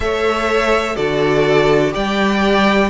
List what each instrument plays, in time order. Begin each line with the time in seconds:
0.00 cello A3, viola A4, violin C#5 E5
0.95 cello D3, viola F#4, violin A4 D5
1.91 cello G3, viola G4, violin D5 G5